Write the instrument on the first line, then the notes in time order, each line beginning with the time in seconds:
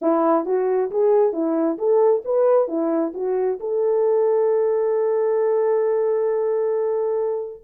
horn
0.01 E4
0.45 F#4
0.90 G#4
1.32 E4
1.77 A4
2.24 B4
2.68 E4
3.13 F#4
3.59 A4